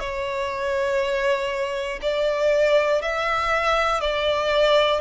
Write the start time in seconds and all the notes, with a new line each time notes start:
0.00 C#5
2.01 D5
3.02 E5
4.00 D5